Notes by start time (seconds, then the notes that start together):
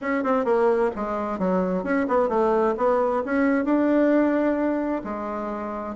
0.01 C#4
0.23 C4
0.44 A#3
0.95 G#3
1.38 F#3
1.83 C#4
2.07 B3
2.28 A3
2.77 B3
3.25 C#4
3.65 D4
5.03 G#3